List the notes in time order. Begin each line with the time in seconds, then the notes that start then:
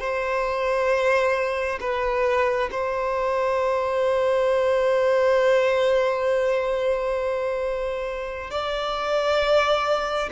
0.00 C5
1.80 B4
2.72 C5
8.50 D5